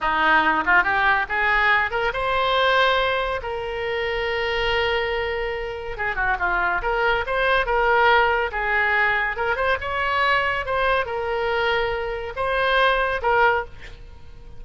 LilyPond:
\new Staff \with { instrumentName = "oboe" } { \time 4/4 \tempo 4 = 141 dis'4. f'8 g'4 gis'4~ | gis'8 ais'8 c''2. | ais'1~ | ais'2 gis'8 fis'8 f'4 |
ais'4 c''4 ais'2 | gis'2 ais'8 c''8 cis''4~ | cis''4 c''4 ais'2~ | ais'4 c''2 ais'4 | }